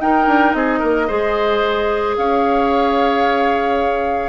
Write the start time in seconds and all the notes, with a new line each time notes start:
0.00 D#4 A#4 G5
0.26 D4
0.53 C4 G#4 D#5
0.79 A#3 A#4
1.07 G#3 G#4 C5
2.17 C#4 C#5 F5